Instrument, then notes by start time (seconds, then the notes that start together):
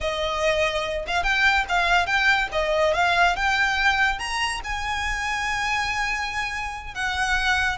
violin
0.01 D#5
1.07 F5
1.23 G5
1.69 F5
2.06 G5
2.52 D#5
2.94 F5
3.36 G5
4.18 A#5
4.64 G#5
6.94 F#5